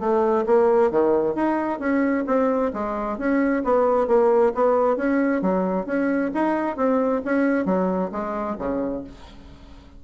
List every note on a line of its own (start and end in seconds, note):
0.00 0.45 A3
0.46 0.91 A#3
0.91 1.35 D#3
1.35 1.79 D#4
1.79 2.25 C#4
2.27 2.72 C4
2.73 3.18 G#3
3.18 3.63 C#4
3.64 4.07 B3
4.07 4.53 A#3
4.55 4.97 B3
4.97 5.42 C#4
5.42 5.86 F#3
5.86 6.31 C#4
6.34 6.77 D#4
6.77 7.22 C4
7.25 7.65 C#4
7.65 8.11 F#3
8.12 8.57 G#3
8.59 9.04 C#3